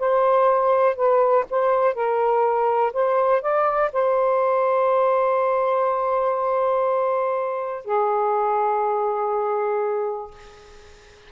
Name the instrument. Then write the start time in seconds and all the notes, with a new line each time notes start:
saxophone
0.00 C5
0.96 B4
1.51 C5
1.94 A#4
2.94 C5
3.42 D5
3.93 C5
7.86 G#4